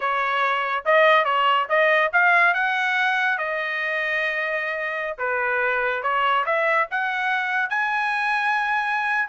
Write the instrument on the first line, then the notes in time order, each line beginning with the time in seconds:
trumpet
0.00 C#5
0.85 D#5
1.24 C#5
1.69 D#5
2.12 F5
2.54 F#5
3.37 D#5
5.18 B4
6.02 C#5
6.45 E5
6.91 F#5
7.69 G#5